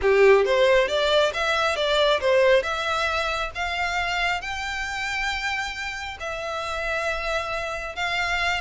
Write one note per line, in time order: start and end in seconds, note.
0.01 0.45 G4
0.45 0.88 C5
0.88 1.32 D5
1.33 1.75 E5
1.75 2.20 D5
2.20 2.62 C5
2.62 3.51 E5
3.54 4.41 F5
4.41 6.17 G5
6.20 7.95 E5
7.95 8.60 F5